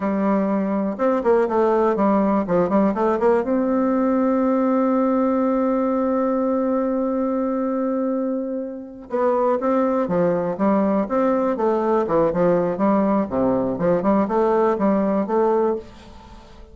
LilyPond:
\new Staff \with { instrumentName = "bassoon" } { \time 4/4 \tempo 4 = 122 g2 c'8 ais8 a4 | g4 f8 g8 a8 ais8 c'4~ | c'1~ | c'1~ |
c'2~ c'8 b4 c'8~ | c'8 f4 g4 c'4 a8~ | a8 e8 f4 g4 c4 | f8 g8 a4 g4 a4 | }